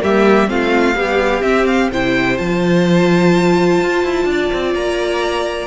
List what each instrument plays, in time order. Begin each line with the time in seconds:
0.00 cello G3, viola A#3, violin G4 E5
0.47 cello A3, viola C4, violin F4 F5
0.94 viola G3, cello B3, violin G4
1.42 viola C4, cello C4, violin E5
1.66 violin F5
1.92 cello C3, viola E4, violin C5 G5
2.38 cello F3, viola F4, violin A5
3.81 cello F4
4.03 cello E4
4.25 cello D4, violin D5
4.53 cello C4
4.74 cello A#3, violin A#5